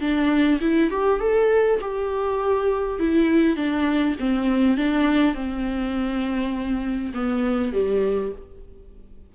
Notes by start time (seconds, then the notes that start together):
0.00 D4
0.61 E4
0.90 G4
1.20 A4
1.81 G4
2.99 E4
3.56 D4
4.20 C4
4.77 D4
5.34 C4
7.14 B3
7.73 G3